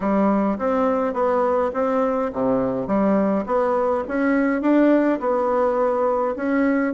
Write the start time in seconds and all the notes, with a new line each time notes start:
0.00 G3
0.58 C4
1.13 B3
1.73 C4
2.32 C3
2.87 G3
3.45 B3
4.08 C#4
4.61 D4
5.19 B3
6.35 C#4